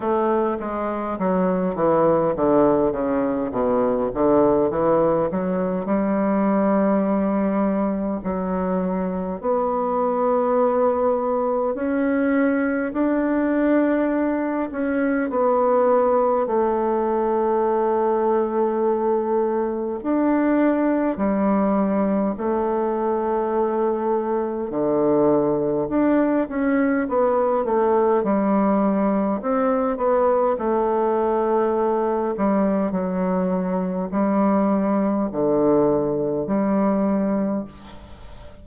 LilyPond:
\new Staff \with { instrumentName = "bassoon" } { \time 4/4 \tempo 4 = 51 a8 gis8 fis8 e8 d8 cis8 b,8 d8 | e8 fis8 g2 fis4 | b2 cis'4 d'4~ | d'8 cis'8 b4 a2~ |
a4 d'4 g4 a4~ | a4 d4 d'8 cis'8 b8 a8 | g4 c'8 b8 a4. g8 | fis4 g4 d4 g4 | }